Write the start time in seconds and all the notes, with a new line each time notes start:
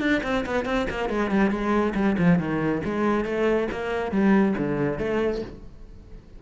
0.00 D4
0.23 C4
0.46 B3
0.65 C4
0.90 A#3
1.09 G#3
1.31 G3
1.50 G#3
1.95 G3
2.18 F3
2.39 D#3
2.85 G#3
3.25 A3
3.72 A#3
4.11 G3
4.58 D3
4.99 A3